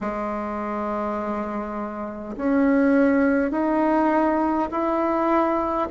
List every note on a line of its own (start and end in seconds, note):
0.00 2.35 G#3
2.36 3.51 C#4
3.51 4.68 D#4
4.71 5.88 E4